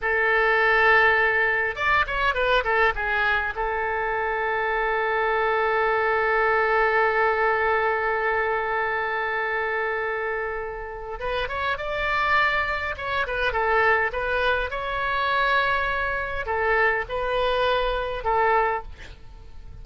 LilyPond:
\new Staff \with { instrumentName = "oboe" } { \time 4/4 \tempo 4 = 102 a'2. d''8 cis''8 | b'8 a'8 gis'4 a'2~ | a'1~ | a'1~ |
a'2. b'8 cis''8 | d''2 cis''8 b'8 a'4 | b'4 cis''2. | a'4 b'2 a'4 | }